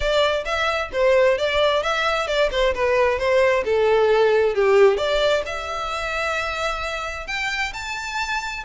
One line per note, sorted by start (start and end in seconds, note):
0.00 0.44 D5
0.44 0.90 E5
0.92 1.38 C5
1.38 1.83 D5
1.83 2.27 E5
2.27 2.50 D5
2.51 2.74 C5
2.74 3.18 B4
3.18 3.64 C5
3.64 4.55 A4
4.55 4.97 G4
4.97 5.42 D5
5.45 7.27 E5
7.27 7.72 G5
7.73 8.64 A5